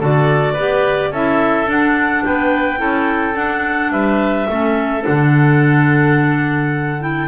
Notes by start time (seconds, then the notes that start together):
0.00 D3 F#4 A4 D5
0.53 B3 G4 B4
1.11 C#4 E4 A4 E5
1.66 D4 F#5
2.24 B3 B4 G5
2.77 C#4 E4 A4
3.35 D4 F#5
3.91 G3 B4 E5
4.49 A3 C#4 A4
5.01 D4 F#5
5.07 D3
7.00 E4 G5